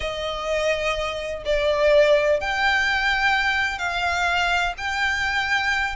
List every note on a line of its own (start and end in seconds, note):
0.00 1.43 D#5
1.45 2.40 D5
2.40 3.78 G5
3.78 4.73 F5
4.77 5.95 G5